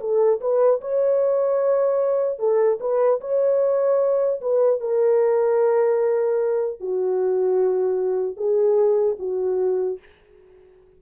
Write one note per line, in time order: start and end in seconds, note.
0.00 0.40 A4
0.41 0.81 B4
0.81 2.39 C#5
2.39 2.79 A4
2.80 3.20 B4
3.20 4.40 C#5
4.41 4.80 B4
4.80 6.80 A#4
6.80 8.37 F#4
8.37 9.17 G#4
9.19 9.99 F#4